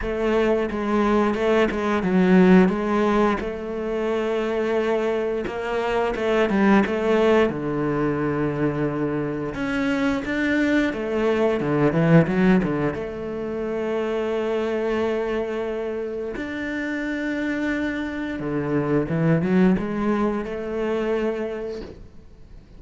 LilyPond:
\new Staff \with { instrumentName = "cello" } { \time 4/4 \tempo 4 = 88 a4 gis4 a8 gis8 fis4 | gis4 a2. | ais4 a8 g8 a4 d4~ | d2 cis'4 d'4 |
a4 d8 e8 fis8 d8 a4~ | a1 | d'2. d4 | e8 fis8 gis4 a2 | }